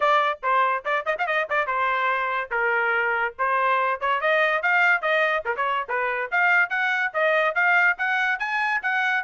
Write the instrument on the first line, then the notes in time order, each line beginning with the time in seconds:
trumpet
0.00 D5
0.42 C5
0.84 D5
1.05 D#5
1.18 F5
1.26 D#5
1.49 D5
1.66 C5
2.50 A#4
3.38 C5
4.00 C#5
4.21 D#5
4.62 F5
5.01 D#5
5.45 A#4
5.56 C#5
5.88 B4
6.31 F5
6.69 F#5
7.13 D#5
7.54 F5
7.97 F#5
8.39 G#5
8.82 F#5